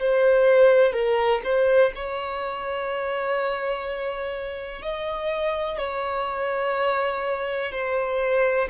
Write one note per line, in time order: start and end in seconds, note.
0.00 0.93 C5
0.93 1.41 A#4
1.44 1.93 C5
1.95 4.83 C#5
4.83 5.78 D#5
5.78 7.72 C#5
7.72 8.68 C5